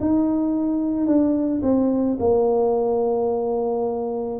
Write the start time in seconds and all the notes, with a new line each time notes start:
0.00 D#4
1.07 D4
1.62 C4
2.19 A#3